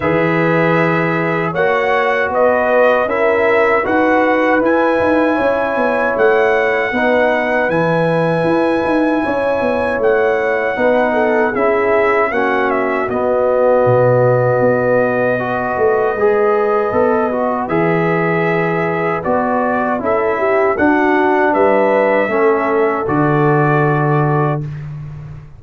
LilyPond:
<<
  \new Staff \with { instrumentName = "trumpet" } { \time 4/4 \tempo 4 = 78 e''2 fis''4 dis''4 | e''4 fis''4 gis''2 | fis''2 gis''2~ | gis''4 fis''2 e''4 |
fis''8 e''8 dis''2.~ | dis''2. e''4~ | e''4 d''4 e''4 fis''4 | e''2 d''2 | }
  \new Staff \with { instrumentName = "horn" } { \time 4/4 b'2 cis''4 b'4 | ais'4 b'2 cis''4~ | cis''4 b'2. | cis''2 b'8 a'8 gis'4 |
fis'1 | b'1~ | b'2 a'8 g'8 fis'4 | b'4 a'2. | }
  \new Staff \with { instrumentName = "trombone" } { \time 4/4 gis'2 fis'2 | e'4 fis'4 e'2~ | e'4 dis'4 e'2~ | e'2 dis'4 e'4 |
cis'4 b2. | fis'4 gis'4 a'8 fis'8 gis'4~ | gis'4 fis'4 e'4 d'4~ | d'4 cis'4 fis'2 | }
  \new Staff \with { instrumentName = "tuba" } { \time 4/4 e2 ais4 b4 | cis'4 dis'4 e'8 dis'8 cis'8 b8 | a4 b4 e4 e'8 dis'8 | cis'8 b8 a4 b4 cis'4 |
ais4 b4 b,4 b4~ | b8 a8 gis4 b4 e4~ | e4 b4 cis'4 d'4 | g4 a4 d2 | }
>>